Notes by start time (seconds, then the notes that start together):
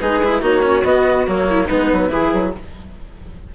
0.00 G#3 D#4 G#4 B4
0.24 E4
0.41 A#3 D#4 F#4 C#5
0.62 C#4
0.85 B3 D#5
1.28 F#3 A#3 C#5
1.50 E4
1.66 G#3 B3 D#4 B4
1.93 F#3
2.09 E3 E4 G#4
2.34 F#3